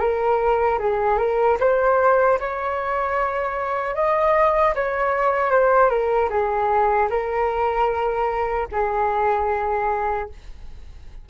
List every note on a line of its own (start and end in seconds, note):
0.00 0.79 A#4
0.79 1.18 G#4
1.18 1.58 A#4
1.60 2.39 C5
2.40 3.95 C#5
3.95 4.74 D#5
4.75 5.51 C#5
5.51 5.90 C5
5.90 6.29 A#4
6.30 7.09 G#4
7.10 8.68 A#4
8.72 10.30 G#4